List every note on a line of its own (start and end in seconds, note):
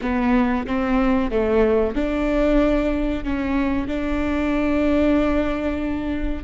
0.01 0.66 B3
0.66 1.30 C4
1.30 1.95 A3
1.95 3.24 D4
3.24 3.87 C#4
3.87 6.43 D4